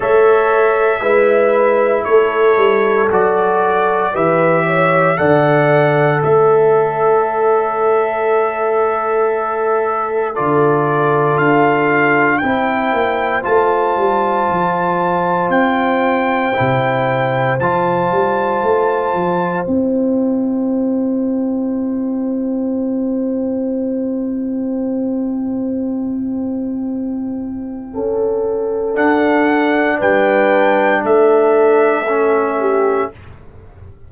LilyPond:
<<
  \new Staff \with { instrumentName = "trumpet" } { \time 4/4 \tempo 4 = 58 e''2 cis''4 d''4 | e''4 fis''4 e''2~ | e''2 d''4 f''4 | g''4 a''2 g''4~ |
g''4 a''2 g''4~ | g''1~ | g''1 | fis''4 g''4 e''2 | }
  \new Staff \with { instrumentName = "horn" } { \time 4/4 cis''4 b'4 a'2 | b'8 cis''8 d''4 cis''2~ | cis''2 a'2 | c''1~ |
c''1~ | c''1~ | c''2. a'4~ | a'4 b'4 a'4. g'8 | }
  \new Staff \with { instrumentName = "trombone" } { \time 4/4 a'4 e'2 fis'4 | g'4 a'2.~ | a'2 f'2 | e'4 f'2. |
e'4 f'2 e'4~ | e'1~ | e'1 | d'2. cis'4 | }
  \new Staff \with { instrumentName = "tuba" } { \time 4/4 a4 gis4 a8 g8 fis4 | e4 d4 a2~ | a2 d4 d'4 | c'8 ais8 a8 g8 f4 c'4 |
c4 f8 g8 a8 f8 c'4~ | c'1~ | c'2. cis'4 | d'4 g4 a2 | }
>>